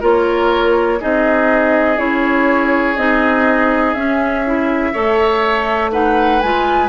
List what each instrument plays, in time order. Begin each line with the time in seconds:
0.00 bassoon A#3, clarinet F4, oboe A#4, flute C#5
1.00 bassoon C4, clarinet D#4, oboe G#4, flute D#5
1.97 bassoon C#4, clarinet E4, flute C#5
2.96 bassoon C4, clarinet D#4, flute D#5
3.93 bassoon C#4, clarinet C#4, flute E5
4.45 clarinet E4
4.92 bassoon A3, clarinet A4, oboe C#5
5.91 clarinet D#4, oboe B4, flute F#5
6.41 bassoon G#3, clarinet F4, flute G#5